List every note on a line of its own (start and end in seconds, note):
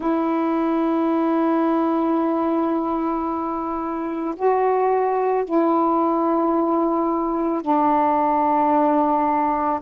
0.00 4.34 E4
4.35 5.44 F#4
5.44 7.62 E4
7.62 9.80 D4